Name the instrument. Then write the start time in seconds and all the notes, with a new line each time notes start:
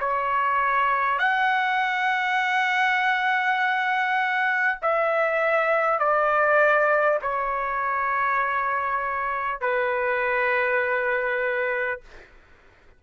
trumpet
0.00 C#5
1.19 F#5
4.82 E5
5.99 D5
7.22 C#5
9.61 B4